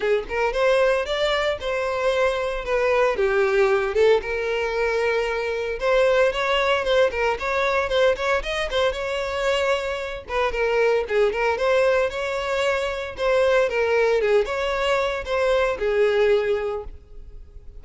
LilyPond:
\new Staff \with { instrumentName = "violin" } { \time 4/4 \tempo 4 = 114 gis'8 ais'8 c''4 d''4 c''4~ | c''4 b'4 g'4. a'8 | ais'2. c''4 | cis''4 c''8 ais'8 cis''4 c''8 cis''8 |
dis''8 c''8 cis''2~ cis''8 b'8 | ais'4 gis'8 ais'8 c''4 cis''4~ | cis''4 c''4 ais'4 gis'8 cis''8~ | cis''4 c''4 gis'2 | }